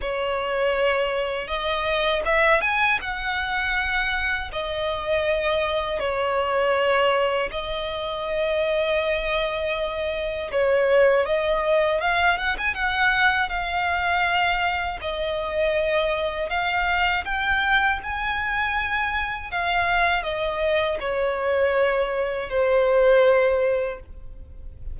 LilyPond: \new Staff \with { instrumentName = "violin" } { \time 4/4 \tempo 4 = 80 cis''2 dis''4 e''8 gis''8 | fis''2 dis''2 | cis''2 dis''2~ | dis''2 cis''4 dis''4 |
f''8 fis''16 gis''16 fis''4 f''2 | dis''2 f''4 g''4 | gis''2 f''4 dis''4 | cis''2 c''2 | }